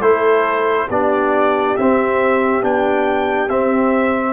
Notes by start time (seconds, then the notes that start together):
0.00 A3 E4 A4 C5
0.87 B3 D4 G4 D5
1.76 C4 E5
2.61 B3 D4 G5
3.48 C4 E5